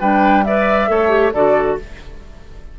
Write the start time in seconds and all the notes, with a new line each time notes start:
0.00 G3 D4 B4 G5
0.44 B4 D5 E5
0.88 A3 A4 C#5
1.09 G4
1.33 D3 F#4 A4 D5